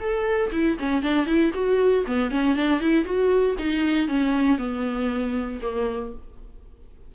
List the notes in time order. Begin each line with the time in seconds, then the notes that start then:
0.00 A4
0.52 E4
0.79 C#4
1.02 D4
1.26 E4
1.54 F#4
2.07 B3
2.31 C#4
2.56 D4
2.80 E4
3.05 F#4
3.58 D#4
4.08 C#4
4.58 B3
5.62 A#3